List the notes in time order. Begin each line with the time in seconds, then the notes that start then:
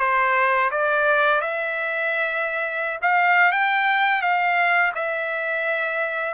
0.00 C5
0.71 D5
1.41 E5
3.02 F5
3.52 G5
4.22 F5
4.96 E5